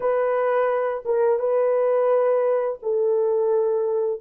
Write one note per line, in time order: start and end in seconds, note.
0.00 1.03 B4
1.05 1.39 A#4
1.39 2.78 B4
2.82 4.21 A4